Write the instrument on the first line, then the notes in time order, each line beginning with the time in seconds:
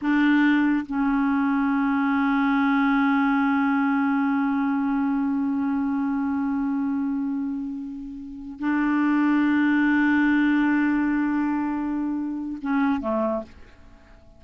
clarinet
0.01 D4
0.86 C#4
8.59 D4
12.61 C#4
13.01 A3